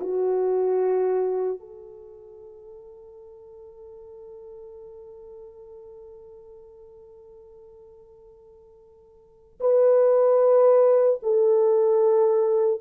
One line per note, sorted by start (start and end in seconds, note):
0.00 1.59 F#4
1.59 9.59 A4
9.60 11.20 B4
11.23 12.81 A4